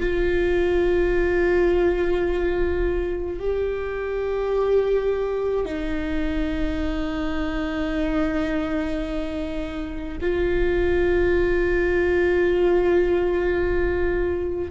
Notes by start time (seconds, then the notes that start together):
0.00 F4
3.40 G4
5.65 D#4
10.21 F4